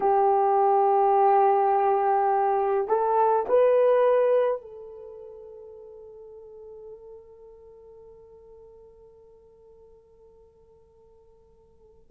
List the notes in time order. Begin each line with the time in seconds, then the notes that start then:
0.00 G4
2.88 A4
3.48 B4
4.61 A4